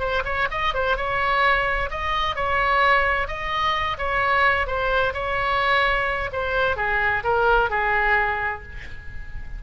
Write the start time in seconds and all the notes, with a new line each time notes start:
0.00 C5
0.25 C#5
0.51 D#5
0.74 C5
0.97 C#5
1.91 D#5
2.36 C#5
3.28 D#5
3.98 C#5
4.67 C5
5.14 C#5
6.33 C5
6.77 G#4
7.24 A#4
7.70 G#4